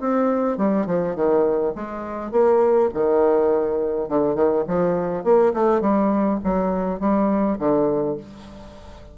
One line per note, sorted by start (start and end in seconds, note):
0.00 0.57 C4
0.57 0.86 G3
0.86 1.15 F3
1.15 1.73 D#3
1.75 2.31 G#3
2.31 2.89 A#3
2.94 4.08 D#3
4.08 4.35 D3
4.35 4.64 D#3
4.67 5.23 F3
5.23 5.53 A#3
5.54 5.81 A3
5.81 6.39 G3
6.43 7.00 F#3
7.00 7.58 G3
7.59 8.17 D3